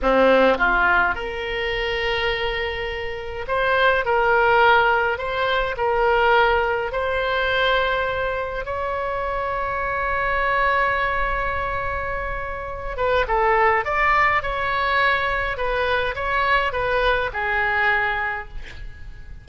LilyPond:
\new Staff \with { instrumentName = "oboe" } { \time 4/4 \tempo 4 = 104 c'4 f'4 ais'2~ | ais'2 c''4 ais'4~ | ais'4 c''4 ais'2 | c''2. cis''4~ |
cis''1~ | cis''2~ cis''8 b'8 a'4 | d''4 cis''2 b'4 | cis''4 b'4 gis'2 | }